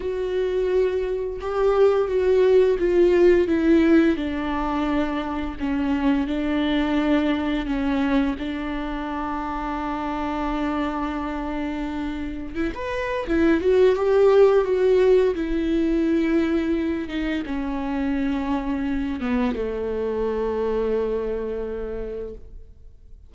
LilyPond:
\new Staff \with { instrumentName = "viola" } { \time 4/4 \tempo 4 = 86 fis'2 g'4 fis'4 | f'4 e'4 d'2 | cis'4 d'2 cis'4 | d'1~ |
d'2 e'16 b'8. e'8 fis'8 | g'4 fis'4 e'2~ | e'8 dis'8 cis'2~ cis'8 b8 | a1 | }